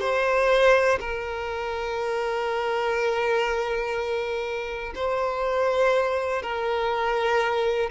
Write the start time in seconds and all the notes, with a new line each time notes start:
0.00 C5
1.00 A#4
4.95 C5
6.42 A#4